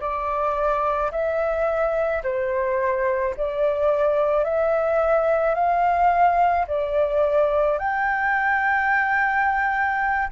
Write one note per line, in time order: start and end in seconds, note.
0.00 1.11 D5
1.12 2.23 E5
2.23 3.34 C5
3.37 4.44 D5
4.44 5.55 E5
5.55 6.66 F5
6.68 7.79 D5
7.79 10.29 G5